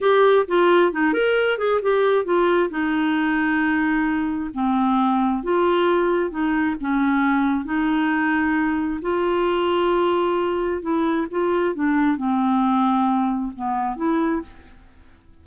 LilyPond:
\new Staff \with { instrumentName = "clarinet" } { \time 4/4 \tempo 4 = 133 g'4 f'4 dis'8 ais'4 gis'8 | g'4 f'4 dis'2~ | dis'2 c'2 | f'2 dis'4 cis'4~ |
cis'4 dis'2. | f'1 | e'4 f'4 d'4 c'4~ | c'2 b4 e'4 | }